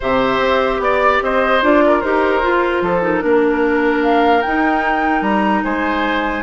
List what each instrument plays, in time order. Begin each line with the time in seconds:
0.00 bassoon C3, clarinet G4, oboe C5, flute E5
0.39 bassoon C4
0.79 bassoon B3, flute D5, oboe D5
1.22 bassoon C4, oboe C5, flute D#5
1.62 bassoon D4, clarinet F4, flute D5
1.86 oboe A#4
2.01 bassoon D#4, clarinet G4, flute C5
2.42 clarinet F4, bassoon F4
2.81 bassoon F3, oboe A4
3.02 clarinet D#4, flute A#4
3.21 bassoon A#3, clarinet D4, oboe A#4
4.03 flute F5
4.41 clarinet D#4, bassoon D#4, flute G5
5.21 bassoon G3, flute A#5
5.64 bassoon G#3, oboe C5, flute G#5